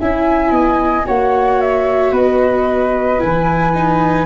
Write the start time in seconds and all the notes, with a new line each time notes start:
0.00 C#4 E4 E5 G#5
0.51 B3 D#5
1.06 A#3 F#4 C#5 F#5
1.61 E5
2.12 B3 B4 D#5
3.19 E3 E4 G#5
3.75 D#4